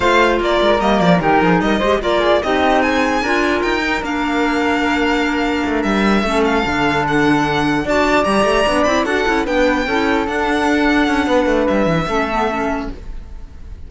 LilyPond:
<<
  \new Staff \with { instrumentName = "violin" } { \time 4/4 \tempo 4 = 149 f''4 d''4 dis''8 d''8 ais'4 | dis''4 d''4 dis''4 gis''4~ | gis''4 g''4 f''2~ | f''2~ f''8 e''4. |
f''4. fis''2 a''8~ | a''8 ais''4. b''8 fis''4 g''8~ | g''4. fis''2~ fis''8~ | fis''4 e''2. | }
  \new Staff \with { instrumentName = "flute" } { \time 4/4 c''4 ais'2 g'8 gis'8 | ais'8 c''8 ais'8 gis'8 g'4 gis'4 | ais'1~ | ais'2.~ ais'8 a'8~ |
a'2.~ a'8 d''8~ | d''2~ d''8 a'4 b'8~ | b'8 a'2.~ a'8 | b'2 a'2 | }
  \new Staff \with { instrumentName = "clarinet" } { \time 4/4 f'2 ais4 dis'4~ | dis'8 g'8 f'4 dis'2 | f'4. dis'8 d'2~ | d'2.~ d'8 cis'8~ |
cis'8 d'2. fis'8~ | fis'8 g'4 d'8 e'8 fis'8 e'8 d'8~ | d'8 e'4 d'2~ d'8~ | d'2 cis'8 b8 cis'4 | }
  \new Staff \with { instrumentName = "cello" } { \time 4/4 a4 ais8 gis8 g8 f8 dis8 f8 | g8 gis8 ais4 c'2 | d'4 dis'4 ais2~ | ais2 a8 g4 a8~ |
a8 d2. d'8~ | d'8 g8 a8 b8 c'8 d'8 cis'8 b8~ | b8 cis'4 d'2 cis'8 | b8 a8 g8 e8 a2 | }
>>